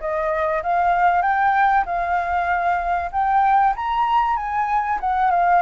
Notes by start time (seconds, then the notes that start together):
0.00 D#5
0.63 F5
1.22 G5
1.86 F5
3.12 G5
3.76 A#5
4.37 G#5
5.00 F#5
5.31 F5